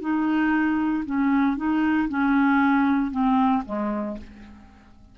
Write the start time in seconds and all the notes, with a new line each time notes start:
0.00 D#4
1.05 C#4
1.56 D#4
2.08 C#4
3.11 C4
3.65 G#3